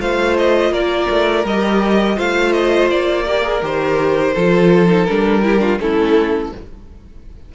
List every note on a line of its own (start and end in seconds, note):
0.00 0.71 A3
0.00 1.45 F4
0.00 0.72 C5
0.00 0.37 F5
0.37 0.73 D#5
0.71 1.07 A#3
0.71 2.16 A#4
0.71 1.45 D5
1.10 1.45 A3
1.45 2.17 G3
1.45 2.16 G4
1.45 2.19 D#5
2.16 2.91 A3
2.16 3.25 F4
2.16 3.24 C5
2.16 2.52 F5
2.52 2.89 D#5
2.90 3.62 A#3
2.90 3.62 D5
3.26 3.43 G4
3.26 4.34 A#4
3.43 3.61 G#4
3.62 4.34 D#3
3.62 4.35 G4
3.62 5.06 C5
4.34 5.09 F3
4.34 4.87 F4
4.34 5.42 A4
4.87 5.05 D#4
5.06 5.80 G3
5.06 5.43 D4
5.06 5.78 A#4
5.43 5.59 E4
5.43 5.61 G4
5.59 5.77 D4
5.59 5.79 F4
5.80 6.52 A3
5.80 6.52 C#4
5.80 6.55 E4
5.80 6.52 A4